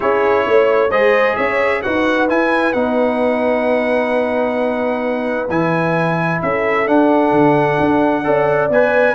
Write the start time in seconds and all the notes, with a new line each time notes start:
0.00 C#4 E4 G#4 C#5
0.46 A3 C#5
0.90 G#3 G#4 C5 D#5
1.35 C#4 C#5 E5
1.81 D#4 F#4 B4 F#5
2.29 E4 G#5
2.72 B3 D#4 F#5
5.49 E3 E4 G#5
6.41 C#4 A4 E5
6.86 D4 F#5
7.31 D3
7.80 D4
8.23 C#4 A4 D5
8.69 B3 B4 G#5